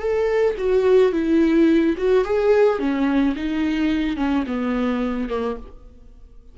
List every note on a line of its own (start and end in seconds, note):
0.00 0.56 A4
0.58 1.13 F#4
1.13 1.96 E4
1.98 2.25 F#4
2.25 2.80 G#4
2.80 3.35 C#4
3.36 4.17 D#4
4.17 4.45 C#4
4.47 5.29 B3
5.29 5.57 A#3